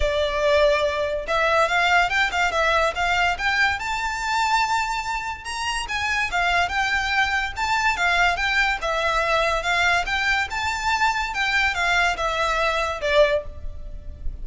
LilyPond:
\new Staff \with { instrumentName = "violin" } { \time 4/4 \tempo 4 = 143 d''2. e''4 | f''4 g''8 f''8 e''4 f''4 | g''4 a''2.~ | a''4 ais''4 gis''4 f''4 |
g''2 a''4 f''4 | g''4 e''2 f''4 | g''4 a''2 g''4 | f''4 e''2 d''4 | }